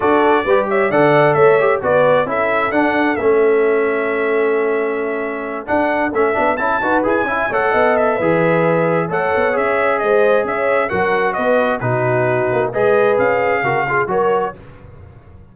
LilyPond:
<<
  \new Staff \with { instrumentName = "trumpet" } { \time 4/4 \tempo 4 = 132 d''4. e''8 fis''4 e''4 | d''4 e''4 fis''4 e''4~ | e''1~ | e''8 fis''4 e''4 a''4 gis''8~ |
gis''8 fis''4 e''2~ e''8 | fis''4 e''4 dis''4 e''4 | fis''4 dis''4 b'2 | dis''4 f''2 cis''4 | }
  \new Staff \with { instrumentName = "horn" } { \time 4/4 a'4 b'8 cis''8 d''4 cis''4 | b'4 a'2.~ | a'1~ | a'2. b'4 |
e''8 cis''8 dis''4 b'2 | cis''2 c''4 cis''4 | ais'4 b'4 fis'2 | b'2 ais'8 gis'8 ais'4 | }
  \new Staff \with { instrumentName = "trombone" } { \time 4/4 fis'4 g'4 a'4. g'8 | fis'4 e'4 d'4 cis'4~ | cis'1~ | cis'8 d'4 cis'8 d'8 e'8 fis'8 gis'8 |
e'8 a'4. gis'2 | a'4 gis'2. | fis'2 dis'2 | gis'2 fis'8 f'8 fis'4 | }
  \new Staff \with { instrumentName = "tuba" } { \time 4/4 d'4 g4 d4 a4 | b4 cis'4 d'4 a4~ | a1~ | a8 d'4 a8 b8 cis'8 dis'8 e'8 |
cis'8 a8 b4 e2 | a8 b8 cis'4 gis4 cis'4 | fis4 b4 b,4. ais8 | gis4 cis'4 cis4 fis4 | }
>>